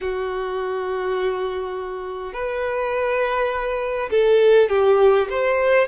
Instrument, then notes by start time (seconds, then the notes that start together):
violin
0.00 F#4
2.33 B4
4.10 A4
4.69 G4
5.29 C5